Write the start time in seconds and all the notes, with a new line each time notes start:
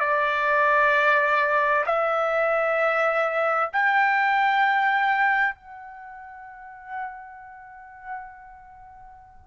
0.00 D5
1.86 E5
3.73 G5
5.56 F#5